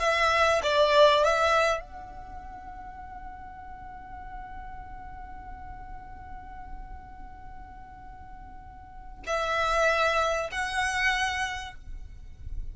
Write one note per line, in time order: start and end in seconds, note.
0.00 0.62 E5
0.64 1.25 D5
1.25 1.81 E5
1.81 9.23 F#5
9.27 10.51 E5
10.52 11.76 F#5